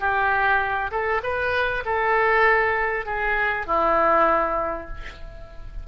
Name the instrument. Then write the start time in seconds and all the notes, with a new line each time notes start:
oboe
0.00 G4
0.91 A4
1.23 B4
1.85 A4
3.06 G#4
3.66 E4